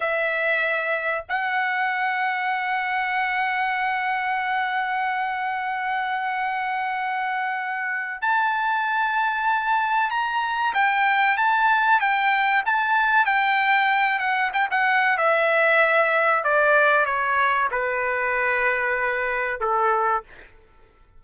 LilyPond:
\new Staff \with { instrumentName = "trumpet" } { \time 4/4 \tempo 4 = 95 e''2 fis''2~ | fis''1~ | fis''1~ | fis''4 a''2. |
ais''4 g''4 a''4 g''4 | a''4 g''4. fis''8 g''16 fis''8. | e''2 d''4 cis''4 | b'2. a'4 | }